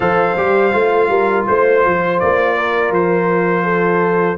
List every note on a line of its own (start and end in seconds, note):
0.00 0.36 F3
0.00 0.36 A4
0.00 1.09 C5
0.00 1.45 F5
0.37 0.73 G3
0.37 0.72 G4
0.72 1.08 A3
0.72 4.37 F4
1.08 1.45 G3
1.08 1.46 A#4
1.46 1.85 A3
1.46 2.19 C5
1.46 2.56 C5
1.85 2.22 F3
2.19 2.90 A#3
2.19 2.92 D5
2.56 3.64 A#4
2.90 4.36 F3
2.90 4.37 C5
3.64 4.37 A4